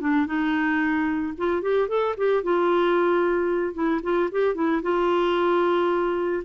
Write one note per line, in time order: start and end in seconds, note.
0.00 0.26 D4
0.26 1.33 D#4
1.37 1.62 F4
1.62 1.88 G4
1.88 2.15 A4
2.17 2.43 G4
2.43 3.74 F4
3.74 4.01 E4
4.02 4.29 F4
4.31 4.55 G4
4.55 4.81 E4
4.82 6.43 F4